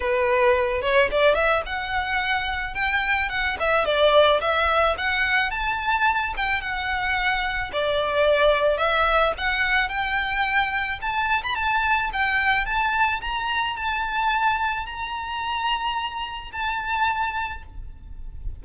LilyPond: \new Staff \with { instrumentName = "violin" } { \time 4/4 \tempo 4 = 109 b'4. cis''8 d''8 e''8 fis''4~ | fis''4 g''4 fis''8 e''8 d''4 | e''4 fis''4 a''4. g''8 | fis''2 d''2 |
e''4 fis''4 g''2 | a''8. b''16 a''4 g''4 a''4 | ais''4 a''2 ais''4~ | ais''2 a''2 | }